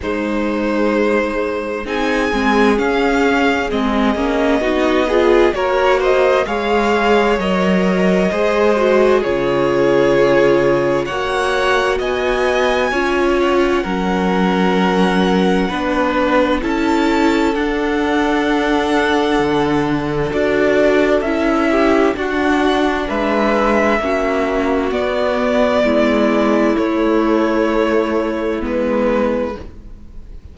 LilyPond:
<<
  \new Staff \with { instrumentName = "violin" } { \time 4/4 \tempo 4 = 65 c''2 gis''4 f''4 | dis''2 cis''8 dis''8 f''4 | dis''2 cis''2 | fis''4 gis''4. fis''4.~ |
fis''2 a''4 fis''4~ | fis''2 d''4 e''4 | fis''4 e''2 d''4~ | d''4 cis''2 b'4 | }
  \new Staff \with { instrumentName = "violin" } { \time 4/4 dis'2 gis'2~ | gis'4 fis'8 gis'8 ais'8 c''8 cis''4~ | cis''4 c''4 gis'2 | cis''4 dis''4 cis''4 ais'4~ |
ais'4 b'4 a'2~ | a'2.~ a'8 g'8 | fis'4 b'4 fis'2 | e'1 | }
  \new Staff \with { instrumentName = "viola" } { \time 4/4 gis2 dis'8 c'8 cis'4 | c'8 cis'8 dis'8 f'8 fis'4 gis'4 | ais'4 gis'8 fis'8 f'2 | fis'2 f'4 cis'4~ |
cis'4 d'4 e'4 d'4~ | d'2 fis'4 e'4 | d'2 cis'4 b4~ | b4 a2 b4 | }
  \new Staff \with { instrumentName = "cello" } { \time 4/4 gis2 c'8 gis8 cis'4 | gis8 ais8 b4 ais4 gis4 | fis4 gis4 cis2 | ais4 b4 cis'4 fis4~ |
fis4 b4 cis'4 d'4~ | d'4 d4 d'4 cis'4 | d'4 gis4 ais4 b4 | gis4 a2 gis4 | }
>>